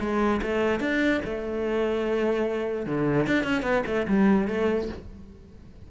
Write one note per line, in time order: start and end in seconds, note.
0.00 0.41 G#3
0.42 0.80 A3
0.80 1.21 D4
1.25 2.86 A3
2.86 3.27 D3
3.27 3.44 D4
3.44 3.62 C#4
3.62 3.83 B3
3.87 4.07 A3
4.08 4.48 G3
4.48 4.88 A3